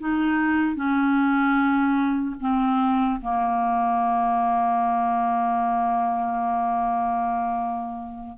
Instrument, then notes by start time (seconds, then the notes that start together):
clarinet
0.00 D#4
0.76 C#4
2.41 C4
3.22 A#3